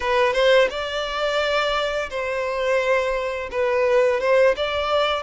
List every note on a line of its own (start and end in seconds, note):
0.00 0.33 B4
0.33 0.68 C5
0.69 2.09 D5
2.10 3.49 C5
3.51 4.20 B4
4.20 4.55 C5
4.56 5.23 D5